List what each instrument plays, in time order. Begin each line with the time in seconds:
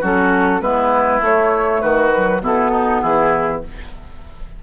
0.00 bassoon F#3, clarinet C#4, oboe F#4, flute A4
0.60 bassoon G#3, clarinet B3, oboe E4, flute B4
1.20 clarinet A3, bassoon A3, flute C#5
1.81 bassoon D#3, oboe F#4, flute B4
2.14 clarinet F#3
2.40 bassoon B2, clarinet B3, oboe E4, flute A4
2.70 oboe D#4
3.01 bassoon E3, oboe E4, flute G#4